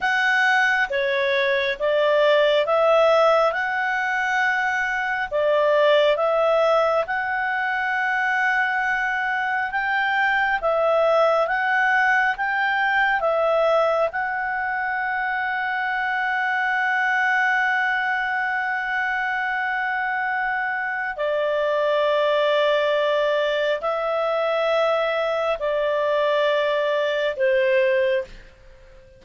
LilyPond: \new Staff \with { instrumentName = "clarinet" } { \time 4/4 \tempo 4 = 68 fis''4 cis''4 d''4 e''4 | fis''2 d''4 e''4 | fis''2. g''4 | e''4 fis''4 g''4 e''4 |
fis''1~ | fis''1 | d''2. e''4~ | e''4 d''2 c''4 | }